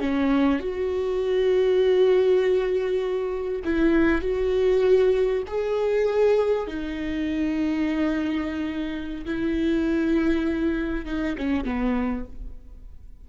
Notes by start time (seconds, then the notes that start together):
0.00 C#4
0.60 F#4
3.64 E4
4.22 F#4
5.47 G#4
6.67 D#4
9.25 E4
11.06 D#4
11.38 C#4
11.64 B3